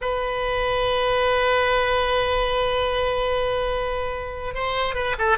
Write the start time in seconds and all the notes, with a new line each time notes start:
0.01 B4
4.54 C5
4.94 B4
5.18 A4